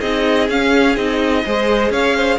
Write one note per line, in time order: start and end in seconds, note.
0.00 0.49 C4
0.00 0.49 D#4
0.00 1.44 G#4
0.00 0.48 D#5
0.49 0.96 C#4
0.49 0.95 F5
0.95 1.44 C4
0.95 1.44 D#4
0.95 1.91 D#5
1.45 1.90 G#3
1.45 2.39 G#4
1.45 1.91 C5
1.90 2.38 C#4
1.90 2.15 C#5
1.90 2.39 F5
2.16 2.39 C5